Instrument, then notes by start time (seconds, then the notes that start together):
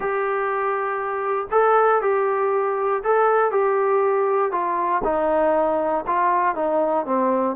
trombone
0.00 G4
1.51 A4
2.01 G4
3.03 A4
3.51 G4
4.51 F4
5.04 D#4
6.06 F4
6.55 D#4
7.05 C4